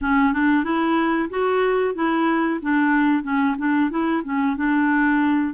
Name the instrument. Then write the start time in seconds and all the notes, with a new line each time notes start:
clarinet
0.01 C#4
0.33 D4
0.63 E4
1.30 F#4
1.94 E4
2.61 D4
3.23 C#4
3.58 D4
3.90 E4
4.24 C#4
4.56 D4